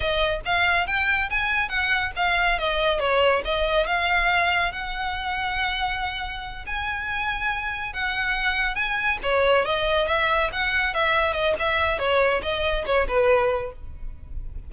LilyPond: \new Staff \with { instrumentName = "violin" } { \time 4/4 \tempo 4 = 140 dis''4 f''4 g''4 gis''4 | fis''4 f''4 dis''4 cis''4 | dis''4 f''2 fis''4~ | fis''2.~ fis''8 gis''8~ |
gis''2~ gis''8 fis''4.~ | fis''8 gis''4 cis''4 dis''4 e''8~ | e''8 fis''4 e''4 dis''8 e''4 | cis''4 dis''4 cis''8 b'4. | }